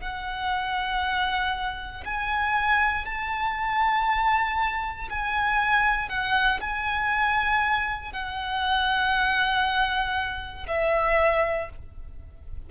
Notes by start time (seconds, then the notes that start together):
0.00 F#5
2.05 G#5
3.05 A5
5.09 G#5
6.09 F#5
6.61 G#5
8.12 F#5
10.67 E5